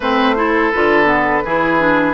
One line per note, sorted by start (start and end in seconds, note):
0.00 0.72 A3
0.00 0.36 C4
0.00 0.35 B4
0.00 0.71 C5
0.36 0.72 E4
0.36 1.44 A4
0.71 1.44 D3
0.71 1.05 F4
0.71 2.13 B4
1.05 1.41 B3
1.44 2.13 E3
1.44 1.79 E4
1.44 2.13 G#4
1.79 2.13 D4